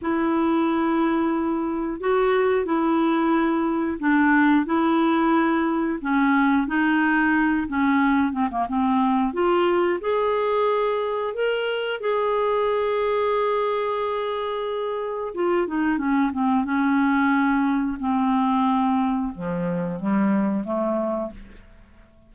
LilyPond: \new Staff \with { instrumentName = "clarinet" } { \time 4/4 \tempo 4 = 90 e'2. fis'4 | e'2 d'4 e'4~ | e'4 cis'4 dis'4. cis'8~ | cis'8 c'16 ais16 c'4 f'4 gis'4~ |
gis'4 ais'4 gis'2~ | gis'2. f'8 dis'8 | cis'8 c'8 cis'2 c'4~ | c'4 f4 g4 a4 | }